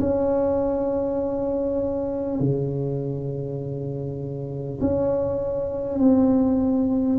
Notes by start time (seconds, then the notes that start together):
0.00 C#4
2.39 C#3
4.81 C#4
5.98 C4